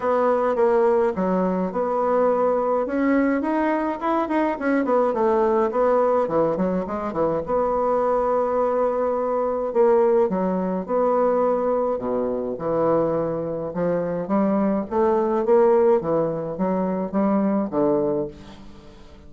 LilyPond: \new Staff \with { instrumentName = "bassoon" } { \time 4/4 \tempo 4 = 105 b4 ais4 fis4 b4~ | b4 cis'4 dis'4 e'8 dis'8 | cis'8 b8 a4 b4 e8 fis8 | gis8 e8 b2.~ |
b4 ais4 fis4 b4~ | b4 b,4 e2 | f4 g4 a4 ais4 | e4 fis4 g4 d4 | }